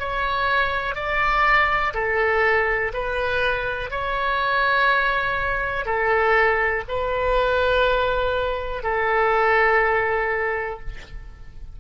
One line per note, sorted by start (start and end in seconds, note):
0.00 0.95 C#5
0.95 1.94 D5
1.94 2.92 A4
2.94 3.91 B4
3.91 5.86 C#5
5.86 6.84 A4
6.89 8.83 B4
8.83 10.80 A4